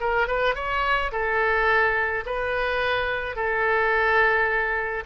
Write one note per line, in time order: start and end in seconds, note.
0.00 0.27 A#4
0.27 0.55 B4
0.55 1.11 C#5
1.12 2.24 A4
2.26 3.35 B4
3.35 5.04 A4